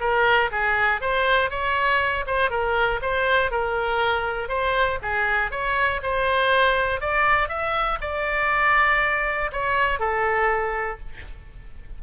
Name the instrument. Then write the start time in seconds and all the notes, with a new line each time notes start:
oboe
0.00 A#4
0.51 G#4
1.01 C5
1.50 C#5
2.27 C5
2.50 A#4
3.02 C5
3.51 A#4
4.49 C5
5.02 G#4
5.51 C#5
6.02 C5
7.00 D5
7.49 E5
8.01 D5
9.52 C#5
10.00 A4